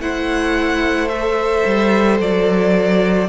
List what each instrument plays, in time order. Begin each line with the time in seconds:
0.00 cello A3, viola E4, violin C5 F#5
1.09 viola A4, violin E5
1.66 cello G3
2.20 cello F#3, violin D5